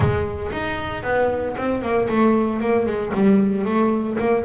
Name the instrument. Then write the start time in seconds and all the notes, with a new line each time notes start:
double bass
0.00 G#3
0.52 D#4
1.03 B3
1.57 C4
1.82 A#3
2.08 A3
2.60 A#3
2.86 G#3
3.14 G3
3.64 A3
4.18 A#3